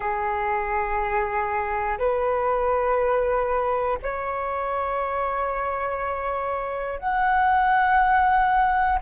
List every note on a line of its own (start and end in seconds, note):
0.00 1.98 G#4
1.98 3.98 B4
4.02 6.99 C#5
6.99 8.99 F#5